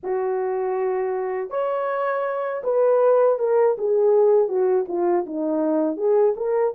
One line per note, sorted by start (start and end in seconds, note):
0.03 1.50 F#4
1.50 2.62 C#5
2.63 3.38 B4
3.39 3.76 A#4
3.77 4.48 G#4
4.48 4.85 F#4
4.88 5.25 F4
5.25 5.97 D#4
5.97 6.34 G#4
6.36 6.74 A#4